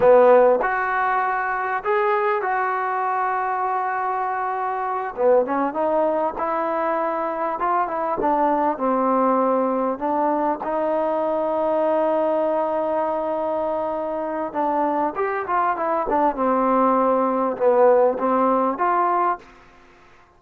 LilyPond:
\new Staff \with { instrumentName = "trombone" } { \time 4/4 \tempo 4 = 99 b4 fis'2 gis'4 | fis'1~ | fis'8 b8 cis'8 dis'4 e'4.~ | e'8 f'8 e'8 d'4 c'4.~ |
c'8 d'4 dis'2~ dis'8~ | dis'1 | d'4 g'8 f'8 e'8 d'8 c'4~ | c'4 b4 c'4 f'4 | }